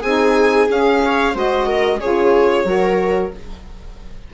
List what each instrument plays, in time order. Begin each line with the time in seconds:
0.00 bassoon C4, saxophone D#4, viola G#4, violin G#5
0.69 bassoon C#4, saxophone G#4, violin F5
1.06 viola C#5
1.33 bassoon G#3, saxophone F#4, viola C5, violin D#5
1.67 viola A#4
2.00 bassoon C#3, saxophone F4, viola G#4, violin C#5
2.65 bassoon F#3, saxophone F#4, viola A#4